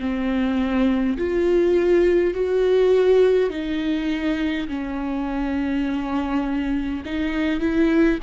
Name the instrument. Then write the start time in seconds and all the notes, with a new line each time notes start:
viola
0.00 C4
1.18 F4
2.34 F#4
3.50 D#4
4.68 C#4
7.05 D#4
7.60 E4